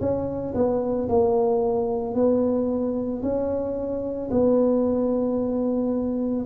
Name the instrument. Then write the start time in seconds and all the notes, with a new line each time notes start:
tuba
0.00 C#4
0.55 B3
1.09 A#3
2.14 B3
3.22 C#4
4.31 B3